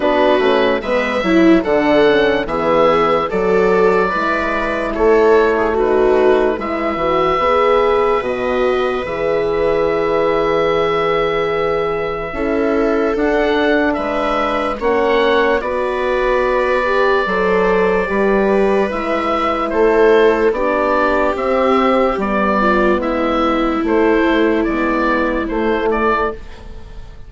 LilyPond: <<
  \new Staff \with { instrumentName = "oboe" } { \time 4/4 \tempo 4 = 73 b'4 e''4 fis''4 e''4 | d''2 cis''4 b'4 | e''2 dis''4 e''4~ | e''1 |
fis''4 e''4 fis''4 d''4~ | d''2. e''4 | c''4 d''4 e''4 d''4 | e''4 c''4 d''4 c''8 d''8 | }
  \new Staff \with { instrumentName = "viola" } { \time 4/4 fis'4 b'8 e'8 a'4 gis'4 | a'4 b'4 a'8. gis'16 fis'4 | b'1~ | b'2. a'4~ |
a'4 b'4 cis''4 b'4~ | b'4 c''4 b'2 | a'4 g'2~ g'8 f'8 | e'1 | }
  \new Staff \with { instrumentName = "horn" } { \time 4/4 d'8 cis'8 b8 e'8 d'8 cis'8 b4 | fis'4 e'2 dis'4 | e'8 fis'8 gis'4 fis'4 gis'4~ | gis'2. e'4 |
d'2 cis'4 fis'4~ | fis'8 g'8 a'4 g'4 e'4~ | e'4 d'4 c'4 b4~ | b4 a4 b4 a4 | }
  \new Staff \with { instrumentName = "bassoon" } { \time 4/4 b8 a8 gis8 fis8 d4 e4 | fis4 gis4 a2 | gis8 e8 b4 b,4 e4~ | e2. cis'4 |
d'4 gis4 ais4 b4~ | b4 fis4 g4 gis4 | a4 b4 c'4 g4 | gis4 a4 gis4 a4 | }
>>